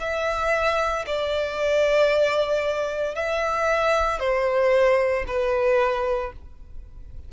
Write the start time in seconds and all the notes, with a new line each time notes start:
0.00 E5
1.06 D5
3.15 E5
4.20 C5
5.27 B4